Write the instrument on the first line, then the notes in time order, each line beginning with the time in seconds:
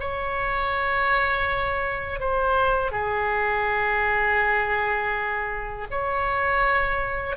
oboe
0.00 C#5
2.20 C5
2.92 G#4
5.91 C#5